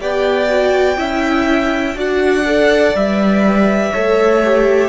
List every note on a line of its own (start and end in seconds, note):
0.00 0.98 B3
0.00 0.49 G4
0.00 0.98 D5
0.00 1.98 G5
0.49 0.97 F#4
0.97 1.96 C#4
0.97 1.95 E4
0.97 1.97 E5
1.95 2.94 D4
1.95 2.44 F#4
1.95 3.93 D5
1.95 2.96 F#5
2.46 2.94 A4
2.94 3.93 G3
2.94 3.93 B4
2.94 4.89 E5
3.93 4.89 A3
3.93 4.43 A4
3.93 4.89 C#5
4.45 4.89 G4